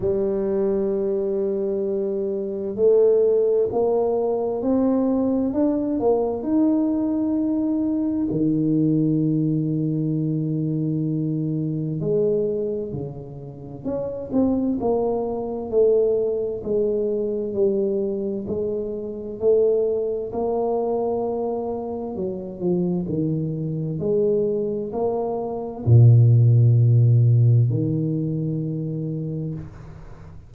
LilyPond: \new Staff \with { instrumentName = "tuba" } { \time 4/4 \tempo 4 = 65 g2. a4 | ais4 c'4 d'8 ais8 dis'4~ | dis'4 dis2.~ | dis4 gis4 cis4 cis'8 c'8 |
ais4 a4 gis4 g4 | gis4 a4 ais2 | fis8 f8 dis4 gis4 ais4 | ais,2 dis2 | }